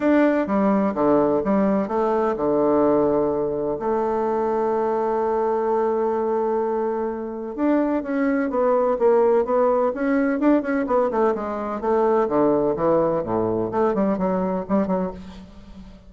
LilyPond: \new Staff \with { instrumentName = "bassoon" } { \time 4/4 \tempo 4 = 127 d'4 g4 d4 g4 | a4 d2. | a1~ | a1 |
d'4 cis'4 b4 ais4 | b4 cis'4 d'8 cis'8 b8 a8 | gis4 a4 d4 e4 | a,4 a8 g8 fis4 g8 fis8 | }